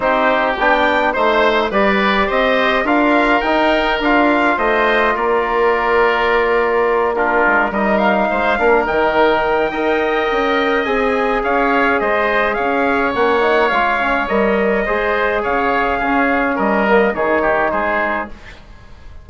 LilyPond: <<
  \new Staff \with { instrumentName = "trumpet" } { \time 4/4 \tempo 4 = 105 c''4 g''4 c''4 d''4 | dis''4 f''4 g''4 f''4 | dis''4 d''2.~ | d''8 ais'4 dis''8 f''4. g''8~ |
g''2. gis''4 | f''4 dis''4 f''4 fis''4 | f''4 dis''2 f''4~ | f''4 dis''4 cis''4 c''4 | }
  \new Staff \with { instrumentName = "oboe" } { \time 4/4 g'2 c''4 b'4 | c''4 ais'2. | c''4 ais'2.~ | ais'8 f'4 ais'4 c''8 ais'4~ |
ais'4 dis''2. | cis''4 c''4 cis''2~ | cis''2 c''4 cis''4 | gis'4 ais'4 gis'8 g'8 gis'4 | }
  \new Staff \with { instrumentName = "trombone" } { \time 4/4 dis'4 d'4 dis'4 g'4~ | g'4 f'4 dis'4 f'4~ | f'1~ | f'8 d'4 dis'4. d'8 dis'8~ |
dis'4 ais'2 gis'4~ | gis'2. cis'8 dis'8 | f'8 cis'8 ais'4 gis'2 | cis'4. ais8 dis'2 | }
  \new Staff \with { instrumentName = "bassoon" } { \time 4/4 c'4 b4 a4 g4 | c'4 d'4 dis'4 d'4 | a4 ais2.~ | ais4 gis8 g4 gis8 ais8 dis8~ |
dis4 dis'4 cis'4 c'4 | cis'4 gis4 cis'4 ais4 | gis4 g4 gis4 cis4 | cis'4 g4 dis4 gis4 | }
>>